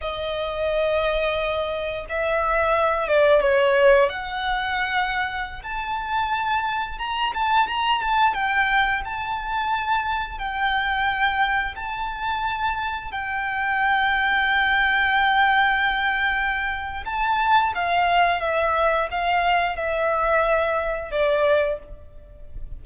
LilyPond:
\new Staff \with { instrumentName = "violin" } { \time 4/4 \tempo 4 = 88 dis''2. e''4~ | e''8 d''8 cis''4 fis''2~ | fis''16 a''2 ais''8 a''8 ais''8 a''16~ | a''16 g''4 a''2 g''8.~ |
g''4~ g''16 a''2 g''8.~ | g''1~ | g''4 a''4 f''4 e''4 | f''4 e''2 d''4 | }